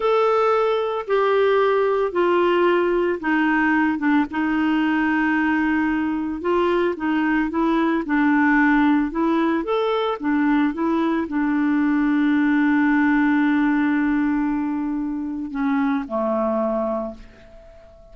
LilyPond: \new Staff \with { instrumentName = "clarinet" } { \time 4/4 \tempo 4 = 112 a'2 g'2 | f'2 dis'4. d'8 | dis'1 | f'4 dis'4 e'4 d'4~ |
d'4 e'4 a'4 d'4 | e'4 d'2.~ | d'1~ | d'4 cis'4 a2 | }